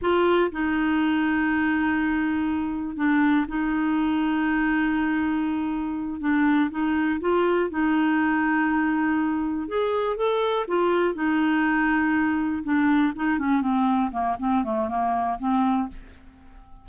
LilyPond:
\new Staff \with { instrumentName = "clarinet" } { \time 4/4 \tempo 4 = 121 f'4 dis'2.~ | dis'2 d'4 dis'4~ | dis'1~ | dis'8 d'4 dis'4 f'4 dis'8~ |
dis'2.~ dis'8 gis'8~ | gis'8 a'4 f'4 dis'4.~ | dis'4. d'4 dis'8 cis'8 c'8~ | c'8 ais8 c'8 a8 ais4 c'4 | }